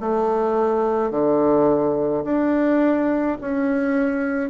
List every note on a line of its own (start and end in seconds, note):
0.00 1.11 A3
1.11 2.24 D3
2.24 3.38 D4
3.42 4.50 C#4